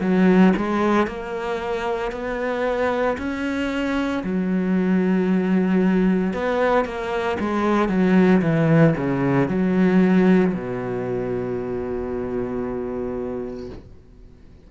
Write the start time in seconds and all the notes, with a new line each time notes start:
0.00 F#3
0.56 G#3
1.06 A#3
2.11 B3
3.17 C#4
4.23 F#3
6.33 B3
6.85 A#3
7.39 G#3
7.88 F#3
8.42 E3
8.96 C#3
9.48 F#3
10.54 B2